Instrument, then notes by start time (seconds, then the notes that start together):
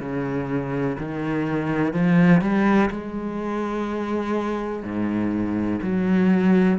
cello
0.00 C#3
0.99 D#3
1.93 F3
2.41 G3
2.91 G#3
4.83 G#2
5.82 F#3